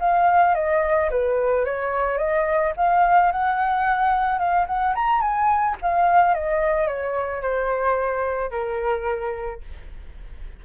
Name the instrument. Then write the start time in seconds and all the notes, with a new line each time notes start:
flute
0.00 F5
0.55 D#5
1.11 B4
1.65 C#5
2.18 D#5
2.77 F5
3.32 F#5
4.39 F5
4.67 F#5
4.95 A#5
5.21 G#5
5.82 F5
6.35 D#5
6.88 C#5
7.42 C5
8.51 A#4